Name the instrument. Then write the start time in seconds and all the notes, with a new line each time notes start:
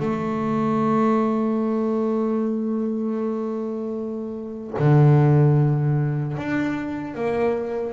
double bass
0.00 A3
4.79 D3
6.37 D4
7.15 A#3